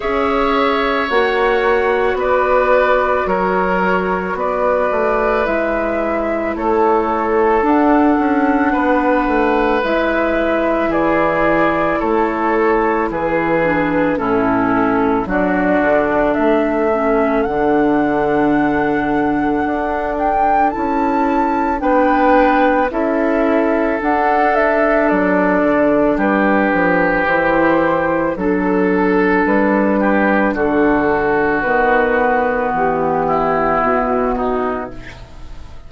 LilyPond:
<<
  \new Staff \with { instrumentName = "flute" } { \time 4/4 \tempo 4 = 55 e''4 fis''4 d''4 cis''4 | d''4 e''4 cis''4 fis''4~ | fis''4 e''4 d''4 cis''4 | b'4 a'4 d''4 e''4 |
fis''2~ fis''8 g''8 a''4 | g''4 e''4 fis''8 e''8 d''4 | b'4 c''4 a'4 b'4 | a'4 b'4 g'4 fis'4 | }
  \new Staff \with { instrumentName = "oboe" } { \time 4/4 cis''2 b'4 ais'4 | b'2 a'2 | b'2 gis'4 a'4 | gis'4 e'4 fis'4 a'4~ |
a'1 | b'4 a'2. | g'2 a'4. g'8 | fis'2~ fis'8 e'4 dis'8 | }
  \new Staff \with { instrumentName = "clarinet" } { \time 4/4 gis'4 fis'2.~ | fis'4 e'2 d'4~ | d'4 e'2.~ | e'8 d'8 cis'4 d'4. cis'8 |
d'2. e'4 | d'4 e'4 d'2~ | d'4 e'4 d'2~ | d'4 b2. | }
  \new Staff \with { instrumentName = "bassoon" } { \time 4/4 cis'4 ais4 b4 fis4 | b8 a8 gis4 a4 d'8 cis'8 | b8 a8 gis4 e4 a4 | e4 a,4 fis8 d8 a4 |
d2 d'4 cis'4 | b4 cis'4 d'4 fis8 d8 | g8 f8 e4 fis4 g4 | d4 dis4 e4 b,4 | }
>>